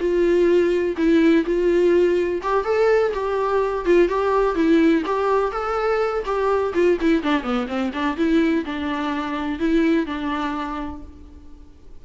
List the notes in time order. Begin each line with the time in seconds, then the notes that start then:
0.00 F4
0.97 E4
1.46 F4
2.43 G4
2.65 A4
3.14 G4
3.86 F4
4.09 G4
4.56 E4
5.06 G4
5.52 A4
6.26 G4
6.75 F4
7.01 E4
7.23 D4
7.43 B3
7.68 C4
7.94 D4
8.17 E4
8.66 D4
9.60 E4
10.06 D4